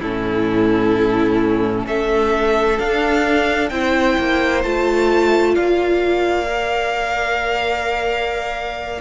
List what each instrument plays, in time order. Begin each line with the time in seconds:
0.00 cello A2, viola C#4, violin E4 A4
1.87 cello A3, violin A4 E5
2.78 viola D4, cello D4, violin F5
3.69 cello C4, viola E4, violin C5 G5
4.19 cello A#3
4.63 cello A3, viola F4, violin A5
5.55 cello A#3, violin D5 F5
6.46 viola A#4